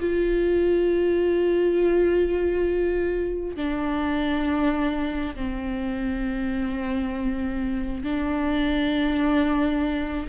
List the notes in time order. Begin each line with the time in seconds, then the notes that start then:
0.00 F4
3.56 D4
5.36 C4
8.04 D4